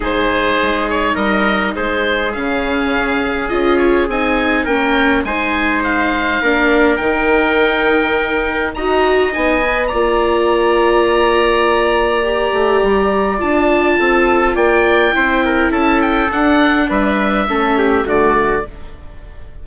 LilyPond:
<<
  \new Staff \with { instrumentName = "oboe" } { \time 4/4 \tempo 4 = 103 c''4. cis''8 dis''4 c''4 | f''2 dis''8 cis''8 gis''4 | g''4 gis''4 f''2 | g''2. ais''4 |
gis''4 ais''2.~ | ais''2. a''4~ | a''4 g''2 a''8 g''8 | fis''4 e''2 d''4 | }
  \new Staff \with { instrumentName = "trumpet" } { \time 4/4 gis'2 ais'4 gis'4~ | gis'1 | ais'4 c''2 ais'4~ | ais'2. dis''4~ |
dis''4 d''2.~ | d''1 | a'4 d''4 c''8 ais'8 a'4~ | a'4 b'4 a'8 g'8 fis'4 | }
  \new Staff \with { instrumentName = "viola" } { \time 4/4 dis'1 | cis'2 f'4 dis'4 | cis'4 dis'2 d'4 | dis'2. fis'4 |
dis'8 b'8 f'2.~ | f'4 g'2 f'4~ | f'2 e'2 | d'2 cis'4 a4 | }
  \new Staff \with { instrumentName = "bassoon" } { \time 4/4 gis,4 gis4 g4 gis4 | cis2 cis'4 c'4 | ais4 gis2 ais4 | dis2. dis'4 |
b4 ais2.~ | ais4. a8 g4 d'4 | c'4 ais4 c'4 cis'4 | d'4 g4 a4 d4 | }
>>